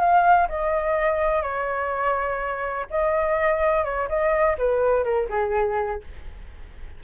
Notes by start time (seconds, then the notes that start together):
0.00 F5
0.49 D#5
1.42 C#5
2.90 D#5
3.85 C#5
4.09 D#5
4.58 B4
5.04 A#4
5.30 G#4